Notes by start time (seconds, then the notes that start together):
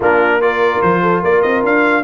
0.00 A#3 D4 F4 A#4
0.40 F4 A#4 D5
0.81 F3 C5
1.02 A4
1.22 A#3 A#4 D5
1.41 C4 D#5
1.63 D4 F5